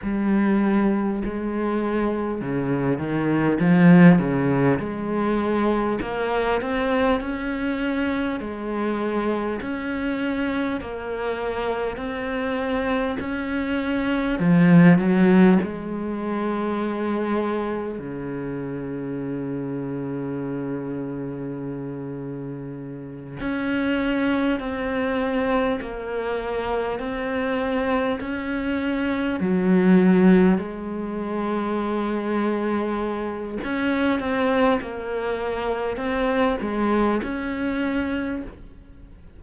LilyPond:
\new Staff \with { instrumentName = "cello" } { \time 4/4 \tempo 4 = 50 g4 gis4 cis8 dis8 f8 cis8 | gis4 ais8 c'8 cis'4 gis4 | cis'4 ais4 c'4 cis'4 | f8 fis8 gis2 cis4~ |
cis2.~ cis8 cis'8~ | cis'8 c'4 ais4 c'4 cis'8~ | cis'8 fis4 gis2~ gis8 | cis'8 c'8 ais4 c'8 gis8 cis'4 | }